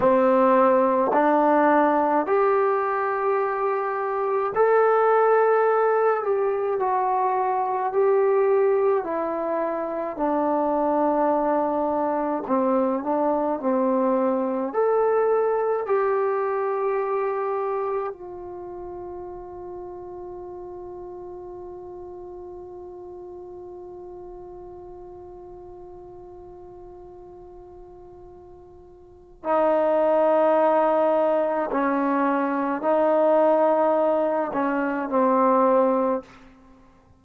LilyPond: \new Staff \with { instrumentName = "trombone" } { \time 4/4 \tempo 4 = 53 c'4 d'4 g'2 | a'4. g'8 fis'4 g'4 | e'4 d'2 c'8 d'8 | c'4 a'4 g'2 |
f'1~ | f'1~ | f'2 dis'2 | cis'4 dis'4. cis'8 c'4 | }